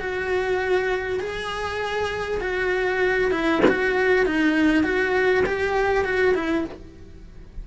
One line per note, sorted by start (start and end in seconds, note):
0.00 1.20 F#4
1.20 2.41 G#4
2.41 3.31 F#4
3.31 3.62 E4
3.69 4.26 F#4
4.26 4.84 D#4
4.84 5.44 F#4
5.46 6.05 G4
6.05 6.35 F#4
6.35 6.65 E4